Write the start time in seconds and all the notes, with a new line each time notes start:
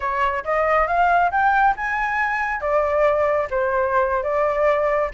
0.00 C#5
0.44 D#5
0.87 F5
1.31 G5
1.76 G#5
2.60 D5
3.50 C5
4.23 D5